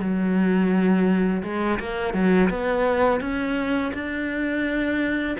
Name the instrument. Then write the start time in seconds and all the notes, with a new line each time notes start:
cello
0.00 F#3
1.44 G#3
1.80 A#3
2.14 F#3
2.50 B3
3.21 C#4
3.94 D4